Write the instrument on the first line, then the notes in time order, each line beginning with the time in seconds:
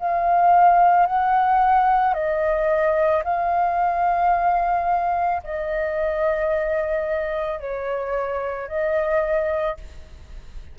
flute
0.00 F5
1.07 F#5
2.15 D#5
3.24 F5
5.44 D#5
7.61 C#5
8.68 D#5